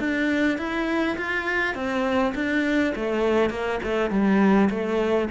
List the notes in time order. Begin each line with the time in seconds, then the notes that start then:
0.00 D4
0.58 E4
1.17 F4
1.75 C4
2.35 D4
2.96 A3
3.51 A#3
3.83 A3
4.11 G3
4.70 A3